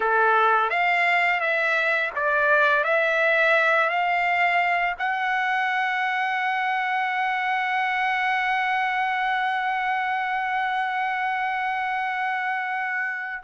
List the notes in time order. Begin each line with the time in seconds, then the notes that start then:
0.00 A4
0.70 F5
1.40 E5
2.15 D5
2.84 E5
3.89 F5
4.98 F#5